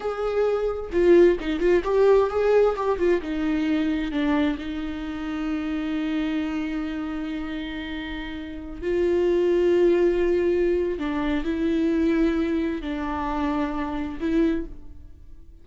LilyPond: \new Staff \with { instrumentName = "viola" } { \time 4/4 \tempo 4 = 131 gis'2 f'4 dis'8 f'8 | g'4 gis'4 g'8 f'8 dis'4~ | dis'4 d'4 dis'2~ | dis'1~ |
dis'2.~ dis'16 f'8.~ | f'1 | d'4 e'2. | d'2. e'4 | }